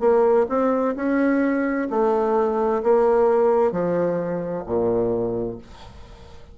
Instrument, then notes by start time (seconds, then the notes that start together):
bassoon
0.00 A#3
0.49 C4
0.96 C#4
1.90 A3
2.83 A#3
3.72 F3
4.66 A#2